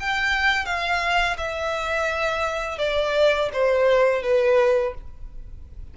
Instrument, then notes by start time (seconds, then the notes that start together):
violin
0.00 G5
0.66 F5
1.38 E5
2.79 D5
3.54 C5
4.23 B4